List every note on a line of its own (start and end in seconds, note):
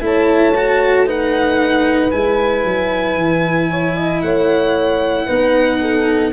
0.00 2.11 A3
0.00 0.53 E4
0.00 1.06 C#5
0.00 1.09 A5
0.56 1.06 F#4
1.06 2.11 D#4
1.06 3.70 B4
1.06 2.11 F#5
2.11 2.64 G#3
2.11 5.27 E4
2.11 4.21 G#5
2.64 3.16 F#3
3.16 4.21 E3
3.70 3.96 C#5
3.96 4.22 D#5
4.21 5.27 A3
4.21 5.26 C#5
4.21 6.31 F#5
5.26 6.32 B3
5.26 6.32 D#4
5.26 5.78 B4
5.80 6.32 A4